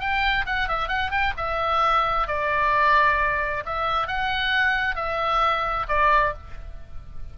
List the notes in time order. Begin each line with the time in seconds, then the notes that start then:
0.00 G5
0.46 F#5
0.68 E5
0.88 F#5
1.11 G5
1.37 E5
2.27 D5
3.65 E5
4.07 F#5
4.95 E5
5.88 D5